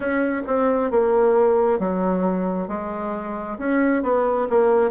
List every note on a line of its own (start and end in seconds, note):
0.00 0.42 C#4
0.46 0.90 C4
0.90 1.79 A#3
1.79 2.67 F#3
2.67 3.57 G#3
3.58 4.03 C#4
4.03 4.47 B3
4.49 4.90 A#3